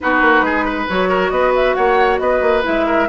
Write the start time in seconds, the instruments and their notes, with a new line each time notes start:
0.00 bassoon B3, clarinet D#4, oboe F#4, flute B4
0.21 bassoon A#3
0.41 bassoon G#3, oboe G#4
0.65 oboe B4
0.89 bassoon F#3, clarinet F#4, flute C#5
1.08 oboe A#4
1.30 bassoon B3, oboe B4, flute D#5
1.55 flute E5
1.74 bassoon A#3, oboe C#5, flute F#5
2.19 bassoon B3, oboe B4, flute D#5
2.41 bassoon A#3
2.62 bassoon G#3, clarinet E4, flute E5
2.86 oboe A#4